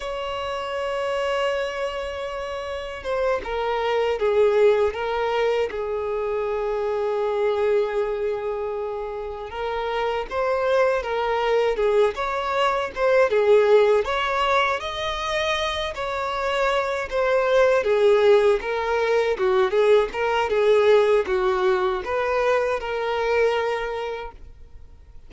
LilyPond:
\new Staff \with { instrumentName = "violin" } { \time 4/4 \tempo 4 = 79 cis''1 | c''8 ais'4 gis'4 ais'4 gis'8~ | gis'1~ | gis'8 ais'4 c''4 ais'4 gis'8 |
cis''4 c''8 gis'4 cis''4 dis''8~ | dis''4 cis''4. c''4 gis'8~ | gis'8 ais'4 fis'8 gis'8 ais'8 gis'4 | fis'4 b'4 ais'2 | }